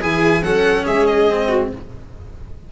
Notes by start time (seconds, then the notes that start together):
0.00 E3 E4 G#4 G#5
0.43 F#3 C#4 A4 F#5
0.84 G#3 G#4 E5
1.06 D#5
1.29 C4
1.48 F#4